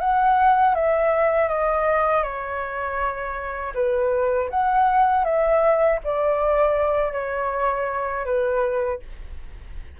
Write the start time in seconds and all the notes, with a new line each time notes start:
0.00 F#5
0.75 E5
1.48 D#5
2.23 C#5
3.74 B4
4.50 F#5
5.24 E5
6.04 D5
7.12 C#5
8.25 B4